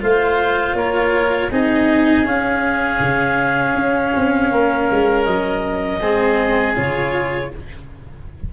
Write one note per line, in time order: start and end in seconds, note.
0.00 0.74 A3
0.00 1.50 F4
0.00 0.77 C5
0.00 0.76 F5
0.74 1.49 A#3
0.74 1.51 A#4
0.74 1.51 C#5
1.51 2.25 C4
1.51 2.25 D#4
1.51 4.51 G#4
1.51 2.27 D#5
2.25 3.00 C#4
2.25 6.00 C#4
2.25 5.24 F5
3.00 3.75 C#3
3.75 4.12 C#4
4.16 4.52 C4
4.52 4.89 A#3
4.52 6.01 A#4
4.91 5.27 G#3
5.24 6.01 F#3
5.24 6.74 D#5
6.01 6.76 G#3
6.01 6.75 C4
6.01 7.51 G#4
6.75 7.53 C#3
6.75 7.50 F4
6.75 7.52 C#5